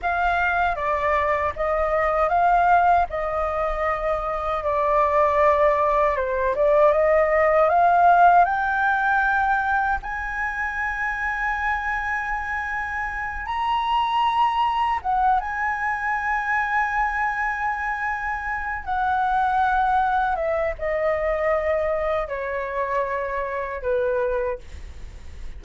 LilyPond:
\new Staff \with { instrumentName = "flute" } { \time 4/4 \tempo 4 = 78 f''4 d''4 dis''4 f''4 | dis''2 d''2 | c''8 d''8 dis''4 f''4 g''4~ | g''4 gis''2.~ |
gis''4. ais''2 fis''8 | gis''1~ | gis''8 fis''2 e''8 dis''4~ | dis''4 cis''2 b'4 | }